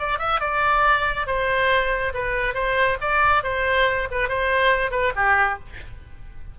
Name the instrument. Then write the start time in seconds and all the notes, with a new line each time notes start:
oboe
0.00 D5
0.19 E5
0.41 D5
1.27 C5
2.14 B4
2.55 C5
3.01 D5
3.44 C5
4.12 B4
4.29 C5
4.91 B4
5.16 G4